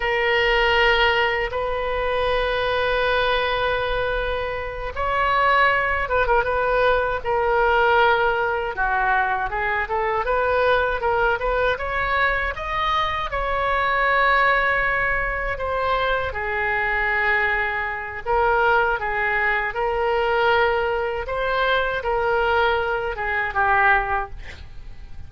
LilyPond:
\new Staff \with { instrumentName = "oboe" } { \time 4/4 \tempo 4 = 79 ais'2 b'2~ | b'2~ b'8 cis''4. | b'16 ais'16 b'4 ais'2 fis'8~ | fis'8 gis'8 a'8 b'4 ais'8 b'8 cis''8~ |
cis''8 dis''4 cis''2~ cis''8~ | cis''8 c''4 gis'2~ gis'8 | ais'4 gis'4 ais'2 | c''4 ais'4. gis'8 g'4 | }